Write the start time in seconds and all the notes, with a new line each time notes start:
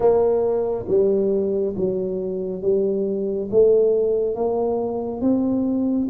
0.00 A#3
0.87 G3
1.76 F#3
2.61 G3
3.51 A3
4.35 A#3
5.21 C4